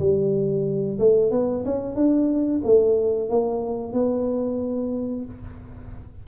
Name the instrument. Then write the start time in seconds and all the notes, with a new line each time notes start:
tuba
0.00 G3
1.00 A3
1.32 B3
1.65 C#4
1.96 D4
2.65 A3
3.30 A#3
3.94 B3